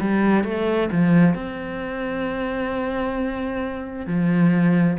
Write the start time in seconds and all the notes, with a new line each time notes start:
0.00 G3
0.44 A3
0.91 F3
1.34 C4
4.06 F3